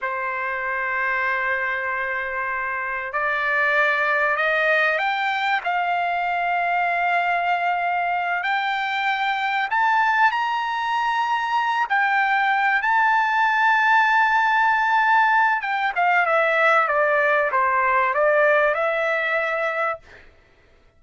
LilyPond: \new Staff \with { instrumentName = "trumpet" } { \time 4/4 \tempo 4 = 96 c''1~ | c''4 d''2 dis''4 | g''4 f''2.~ | f''4. g''2 a''8~ |
a''8 ais''2~ ais''8 g''4~ | g''8 a''2.~ a''8~ | a''4 g''8 f''8 e''4 d''4 | c''4 d''4 e''2 | }